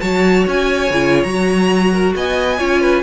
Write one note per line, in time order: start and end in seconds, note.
0.00 0.47 F#3
0.00 0.90 F#4
0.00 1.92 C#5
0.00 0.45 A5
0.47 0.90 C#4
0.47 1.23 G#5
0.90 1.24 C#3
0.90 1.27 F4
1.23 2.14 F#3
1.23 2.59 F#4
1.23 2.13 A#5
1.92 2.15 A#4
2.15 2.60 B3
2.15 2.58 D#5
2.15 3.03 G#5
2.58 3.03 C#4
2.58 3.03 F4
2.58 2.81 C#5
2.81 3.03 B4